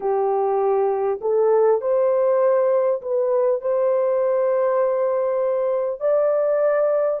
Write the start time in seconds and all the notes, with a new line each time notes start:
0.00 G4
1.21 A4
1.81 C5
3.01 B4
3.61 C5
6.00 D5